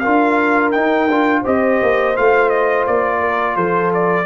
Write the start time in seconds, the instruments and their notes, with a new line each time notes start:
0.00 trombone F4, horn A#4, trumpet F5
0.06 tuba D4
0.72 trombone D#4, tuba D#4, trumpet G5
1.08 tuba D4, trombone F4
1.42 tuba C4, trombone G4, horn C5, trumpet D#5
1.83 tuba A#3
2.17 tuba A3, trombone F4, trumpet F5
2.50 trumpet D#5
2.87 tuba A#3, trumpet D5
3.20 horn A#4
3.56 tuba F3, horn A4, trumpet C5
3.94 trumpet D5